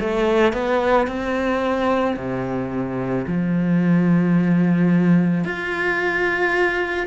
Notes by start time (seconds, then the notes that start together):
0.00 A3
0.53 B3
1.07 C4
2.16 C3
3.27 F3
5.44 F4